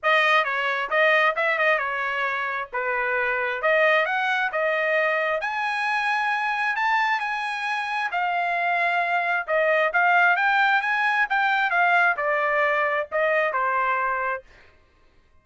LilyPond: \new Staff \with { instrumentName = "trumpet" } { \time 4/4 \tempo 4 = 133 dis''4 cis''4 dis''4 e''8 dis''8 | cis''2 b'2 | dis''4 fis''4 dis''2 | gis''2. a''4 |
gis''2 f''2~ | f''4 dis''4 f''4 g''4 | gis''4 g''4 f''4 d''4~ | d''4 dis''4 c''2 | }